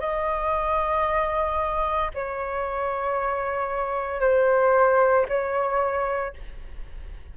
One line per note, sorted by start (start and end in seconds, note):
0.00 2.11 D#5
2.14 4.20 C#5
4.20 5.25 C5
5.28 6.33 C#5